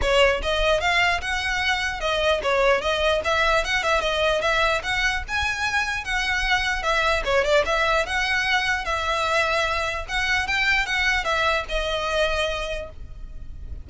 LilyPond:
\new Staff \with { instrumentName = "violin" } { \time 4/4 \tempo 4 = 149 cis''4 dis''4 f''4 fis''4~ | fis''4 dis''4 cis''4 dis''4 | e''4 fis''8 e''8 dis''4 e''4 | fis''4 gis''2 fis''4~ |
fis''4 e''4 cis''8 d''8 e''4 | fis''2 e''2~ | e''4 fis''4 g''4 fis''4 | e''4 dis''2. | }